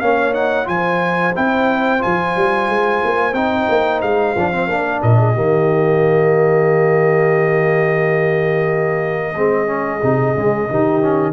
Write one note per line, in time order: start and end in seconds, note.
0.00 0.68 A#3
0.00 0.34 C#4
0.00 0.68 C#5
0.00 0.33 F5
0.34 0.65 D#4
0.34 0.67 F#5
0.65 1.34 F3
0.65 1.32 F4
0.65 5.00 C5
0.65 1.34 G#5
1.35 2.04 C4
1.35 1.99 E4
1.35 2.02 G5
1.99 3.32 F4
1.99 3.34 G#5
2.05 2.36 F3
2.36 2.69 G3
2.69 3.02 G#3
3.04 3.33 A#3
3.33 3.67 C4
3.33 4.36 D#4
3.33 4.01 G5
3.69 4.02 A#3
4.01 4.36 G#3
4.01 5.01 F5
4.36 4.68 F3
4.36 4.52 D4
4.52 4.68 C4
4.68 5.01 A#3
4.68 5.34 D4
5.00 5.36 A#2
5.00 5.17 A#4
5.00 11.33 D#5
5.18 5.34 G#4
5.34 9.35 D#3
5.34 9.34 A#3
5.34 9.34 G4
9.35 10.02 G#3
9.35 9.66 C4
9.35 10.70 G#4
9.66 10.00 C#4
10.02 10.36 C3
10.02 10.36 D#4
10.36 10.70 C#3
10.36 10.69 G#3
10.69 11.33 D#3
10.69 11.02 D#4
10.69 11.33 G4
11.02 11.33 C#4